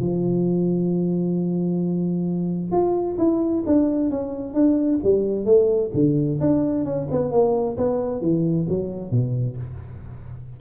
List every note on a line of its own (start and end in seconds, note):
0.00 2.72 F3
2.72 3.18 F4
3.19 3.65 E4
3.67 4.11 D4
4.11 4.54 C#4
4.54 5.00 D4
5.04 5.46 G3
5.46 5.91 A3
5.95 6.40 D3
6.41 6.85 D4
6.85 7.08 C#4
7.12 7.32 B3
7.32 7.77 A#3
7.78 8.22 B3
8.22 8.68 E3
8.69 9.11 F#3
9.11 9.57 B2